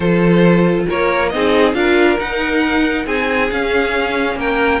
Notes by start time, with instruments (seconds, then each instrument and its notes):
0.00 cello F3, viola F4, violin A4 C5
0.88 cello A#3, violin A#4 C#5
1.29 cello C4, viola D#4, violin G#4 D#5
1.73 cello D4, viola F4, violin A#4 F5
2.19 viola D#4, cello D#4, violin F#5
3.05 cello C4, violin G#4 G#5
3.50 viola C#4, cello C#4, violin F5
4.35 cello A#3, violin A#4 G5